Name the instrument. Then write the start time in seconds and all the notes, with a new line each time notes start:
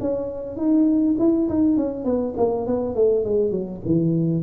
tuba
0.00 C#4
0.56 D#4
1.19 E4
1.49 D#4
1.76 C#4
2.04 B3
2.37 A#3
2.66 B3
2.95 A3
3.24 G#3
3.51 F#3
3.85 E3